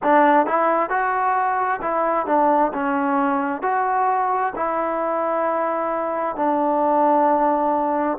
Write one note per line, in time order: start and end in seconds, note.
0.02 0.46 D4
0.46 0.89 E4
0.89 1.80 F#4
1.81 2.26 E4
2.26 2.71 D4
2.73 3.62 C#4
3.62 4.52 F#4
4.55 6.36 E4
6.36 8.18 D4